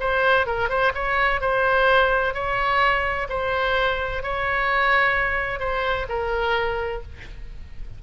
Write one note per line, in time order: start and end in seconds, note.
0.00 0.46 C5
0.46 0.69 A#4
0.69 0.92 C5
0.94 1.41 C#5
1.41 2.34 C5
2.34 3.27 C#5
3.29 4.23 C5
4.23 5.59 C#5
5.59 6.06 C5
6.09 7.02 A#4